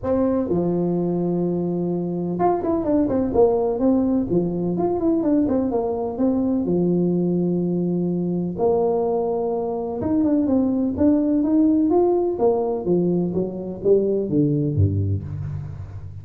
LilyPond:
\new Staff \with { instrumentName = "tuba" } { \time 4/4 \tempo 4 = 126 c'4 f2.~ | f4 f'8 e'8 d'8 c'8 ais4 | c'4 f4 f'8 e'8 d'8 c'8 | ais4 c'4 f2~ |
f2 ais2~ | ais4 dis'8 d'8 c'4 d'4 | dis'4 f'4 ais4 f4 | fis4 g4 d4 g,4 | }